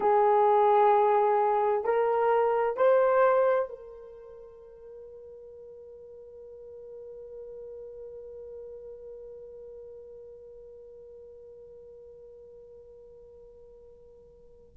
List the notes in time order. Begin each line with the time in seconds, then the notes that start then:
0.00 G#4
1.84 A#4
2.77 C5
3.68 A#4